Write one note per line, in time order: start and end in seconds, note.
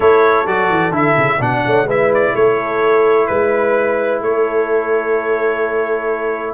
0.00 0.46 A3
0.00 0.46 E4
0.00 1.38 A4
0.00 0.47 C#5
0.46 0.69 F#3
0.46 0.92 F#4
0.46 0.93 D5
0.69 0.91 E3
0.91 1.14 D3
0.91 1.39 E4
0.91 1.42 E5
1.17 1.40 C#3
1.38 1.63 B2
1.38 1.87 D4
1.38 1.62 D5
1.38 1.88 F#5
1.66 1.84 A3
1.66 1.86 C#5
1.84 2.31 G#3
1.84 6.53 E4
1.84 2.33 B4
1.84 2.13 E5
2.14 2.35 D5
2.35 3.29 A3
2.35 3.28 A4
2.35 3.27 C#5
3.27 4.21 G#3
3.27 4.20 B4
3.27 4.22 B4
4.21 6.53 A3
4.21 6.53 A4
4.21 6.53 C#5